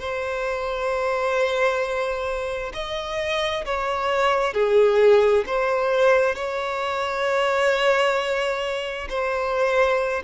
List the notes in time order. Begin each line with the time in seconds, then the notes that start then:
0.00 C5
2.74 D#5
3.65 C#5
4.54 G#4
5.46 C5
6.36 C#5
9.10 C5